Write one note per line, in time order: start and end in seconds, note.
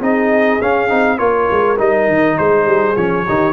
0.00 0.60 C4
0.00 0.61 D#4
0.00 1.18 G#4
0.00 0.62 D#5
0.62 0.91 C#4
0.62 0.89 C#4
0.62 1.19 F5
0.89 1.19 C4
0.89 1.18 D#4
1.18 1.49 A#3
1.18 1.77 F4
1.18 2.38 A#4
1.18 1.78 C#5
1.52 1.80 G#3
1.79 2.08 G3
1.79 2.96 D#4
1.79 2.38 D#5
2.08 2.38 D#3
2.38 2.66 G#3
2.38 3.26 G#4
2.38 2.97 C5
2.66 2.96 G3
2.97 3.27 F3
2.97 3.26 C#4
2.97 3.53 C#5
3.26 3.53 D#3
3.26 3.53 D#4
3.26 3.53 G4